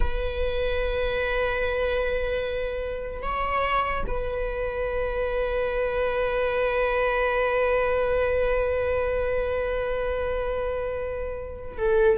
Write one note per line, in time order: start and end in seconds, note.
0.00 3.22 B4
3.22 4.03 C#5
4.07 11.77 B4
11.77 12.17 A4